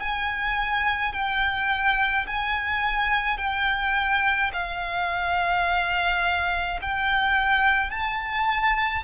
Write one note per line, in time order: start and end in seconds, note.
0.00 1.13 G#5
1.13 2.26 G5
2.27 3.38 G#5
3.38 4.51 G5
4.53 6.80 F5
6.82 7.90 G5
7.90 9.04 A5